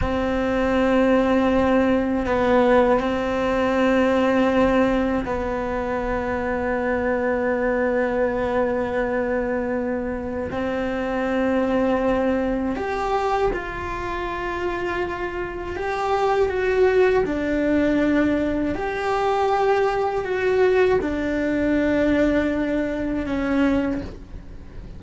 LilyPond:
\new Staff \with { instrumentName = "cello" } { \time 4/4 \tempo 4 = 80 c'2. b4 | c'2. b4~ | b1~ | b2 c'2~ |
c'4 g'4 f'2~ | f'4 g'4 fis'4 d'4~ | d'4 g'2 fis'4 | d'2. cis'4 | }